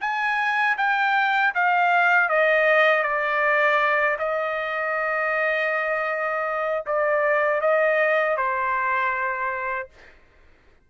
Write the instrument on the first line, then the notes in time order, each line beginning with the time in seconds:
trumpet
0.00 G#5
0.77 G5
1.54 F5
2.29 D#5
3.02 D5
4.18 D#5
6.86 D5
7.61 D#5
8.37 C5